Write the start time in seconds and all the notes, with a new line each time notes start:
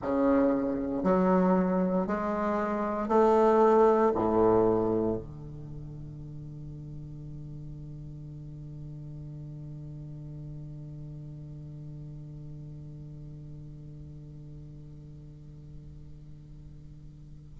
0.02 C#3
1.03 F#3
2.06 G#3
3.08 A3
4.15 A2
5.17 D3